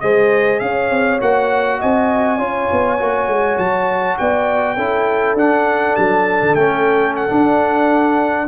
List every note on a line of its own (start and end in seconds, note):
0.00 0.61 G#3
0.00 1.20 G#4
0.00 0.62 C5
0.00 0.59 D#5
0.60 0.90 C#4
0.60 1.79 C#5
0.60 1.19 F5
0.90 1.20 C4
1.20 1.80 A#3
1.20 2.39 F#4
1.20 1.81 F#5
1.79 2.39 C4
1.79 2.38 D#5
1.79 3.58 G#5
2.38 2.68 C#4
2.38 2.98 F4
2.38 4.16 C#5
2.72 3.01 B3
2.99 3.27 A#3
2.99 4.77 F#4
3.27 3.57 G#3
3.58 4.17 F#3
3.58 4.17 A5
4.18 4.77 B3
4.18 4.76 D5
4.18 5.37 G5
4.76 5.35 C#4
4.76 5.37 E4
4.76 8.48 A4
5.35 5.94 D4
5.35 6.57 D4
5.35 5.96 F#5
5.96 6.42 F#3
5.96 6.55 A5
6.42 6.54 D3
6.54 7.29 A3
6.54 7.29 C#4
6.54 7.14 G5
7.16 8.48 F#5
7.29 8.48 D4